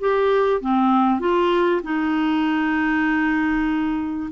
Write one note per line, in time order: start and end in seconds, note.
0.00 0.61 G4
0.61 1.20 C4
1.20 1.82 F4
1.83 4.30 D#4